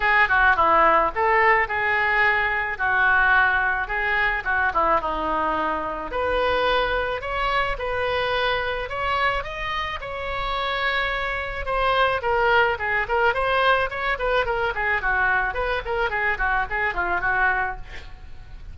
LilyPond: \new Staff \with { instrumentName = "oboe" } { \time 4/4 \tempo 4 = 108 gis'8 fis'8 e'4 a'4 gis'4~ | gis'4 fis'2 gis'4 | fis'8 e'8 dis'2 b'4~ | b'4 cis''4 b'2 |
cis''4 dis''4 cis''2~ | cis''4 c''4 ais'4 gis'8 ais'8 | c''4 cis''8 b'8 ais'8 gis'8 fis'4 | b'8 ais'8 gis'8 fis'8 gis'8 f'8 fis'4 | }